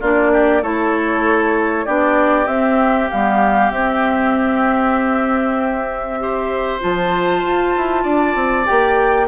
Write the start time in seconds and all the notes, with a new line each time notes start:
0.00 A#3 D4 F4 D5
0.33 G4
0.62 A3 E4 A4 C#5
1.85 B3 D4 G4 D5
2.46 C4 E5
3.10 G3 B3 F5
3.71 C4 E5
6.18 G4 C5
6.80 F3 F4 A5
7.43 F4
7.77 E4
8.03 D4 D5
8.35 C4
8.65 A#3 G4 G5